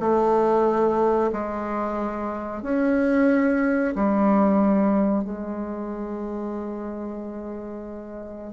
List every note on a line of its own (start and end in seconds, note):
0.00 1.32 A3
1.33 2.63 G#3
2.63 3.95 C#4
3.96 5.25 G3
5.25 8.54 G#3